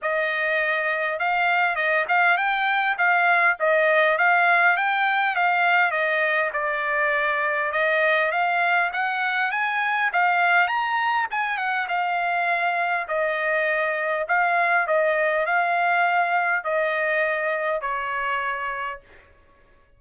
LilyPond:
\new Staff \with { instrumentName = "trumpet" } { \time 4/4 \tempo 4 = 101 dis''2 f''4 dis''8 f''8 | g''4 f''4 dis''4 f''4 | g''4 f''4 dis''4 d''4~ | d''4 dis''4 f''4 fis''4 |
gis''4 f''4 ais''4 gis''8 fis''8 | f''2 dis''2 | f''4 dis''4 f''2 | dis''2 cis''2 | }